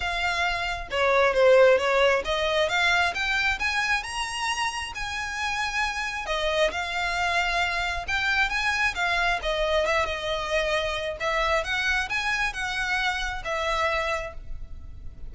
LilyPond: \new Staff \with { instrumentName = "violin" } { \time 4/4 \tempo 4 = 134 f''2 cis''4 c''4 | cis''4 dis''4 f''4 g''4 | gis''4 ais''2 gis''4~ | gis''2 dis''4 f''4~ |
f''2 g''4 gis''4 | f''4 dis''4 e''8 dis''4.~ | dis''4 e''4 fis''4 gis''4 | fis''2 e''2 | }